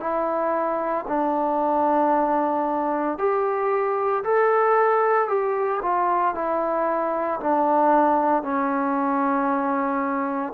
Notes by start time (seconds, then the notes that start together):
0.00 E4
1.08 D4
3.19 G4
4.24 A4
5.28 G4
5.82 F4
6.35 E4
7.41 D4
8.43 C#4